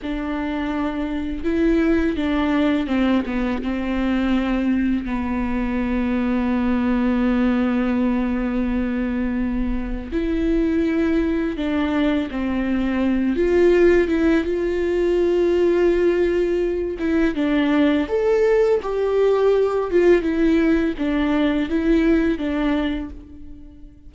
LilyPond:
\new Staff \with { instrumentName = "viola" } { \time 4/4 \tempo 4 = 83 d'2 e'4 d'4 | c'8 b8 c'2 b4~ | b1~ | b2 e'2 |
d'4 c'4. f'4 e'8 | f'2.~ f'8 e'8 | d'4 a'4 g'4. f'8 | e'4 d'4 e'4 d'4 | }